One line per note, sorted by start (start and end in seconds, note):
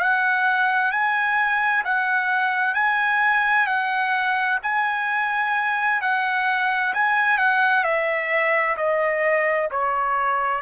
0.00 0.92 F#5
0.92 1.84 G#5
1.85 2.74 F#5
2.74 3.67 G#5
3.67 4.59 F#5
4.63 6.01 G#5
6.01 6.94 F#5
6.94 7.38 G#5
7.38 7.84 F#5
7.84 8.77 E5
8.77 9.69 D#5
9.71 10.62 C#5